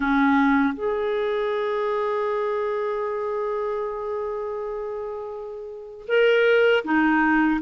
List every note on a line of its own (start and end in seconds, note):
0.00 0.74 C#4
0.74 6.06 G#4
6.08 6.84 A#4
6.84 7.60 D#4